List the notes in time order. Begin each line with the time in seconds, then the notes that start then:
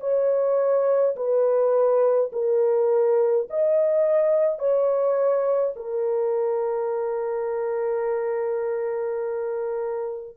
0.00 C#5
1.16 B4
2.32 A#4
3.50 D#5
4.59 C#5
5.76 A#4